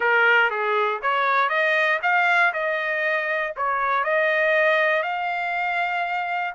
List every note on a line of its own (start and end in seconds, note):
0.00 0.50 A#4
0.50 1.01 G#4
1.02 1.49 C#5
1.49 1.99 D#5
2.02 2.53 F5
2.53 3.54 D#5
3.56 4.04 C#5
4.04 5.02 D#5
5.02 6.53 F5